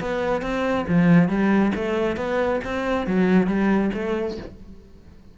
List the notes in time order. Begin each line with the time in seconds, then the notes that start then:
0.00 B3
0.42 C4
0.88 F3
1.28 G3
1.75 A3
2.17 B3
2.64 C4
3.06 F#3
3.47 G3
3.94 A3